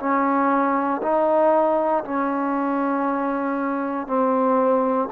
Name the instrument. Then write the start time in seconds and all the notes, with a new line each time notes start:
trombone
0.00 C#4
1.03 D#4
2.04 C#4
4.07 C4